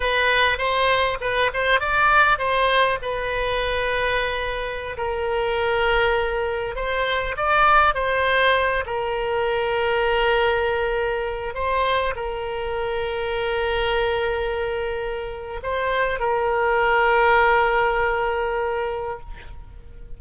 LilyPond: \new Staff \with { instrumentName = "oboe" } { \time 4/4 \tempo 4 = 100 b'4 c''4 b'8 c''8 d''4 | c''4 b'2.~ | b'16 ais'2. c''8.~ | c''16 d''4 c''4. ais'4~ ais'16~ |
ais'2.~ ais'16 c''8.~ | c''16 ais'2.~ ais'8.~ | ais'2 c''4 ais'4~ | ais'1 | }